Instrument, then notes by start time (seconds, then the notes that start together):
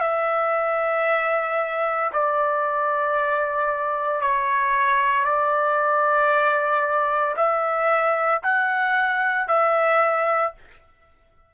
trumpet
0.00 E5
2.12 D5
4.21 C#5
5.24 D5
7.36 E5
8.43 F#5
9.47 E5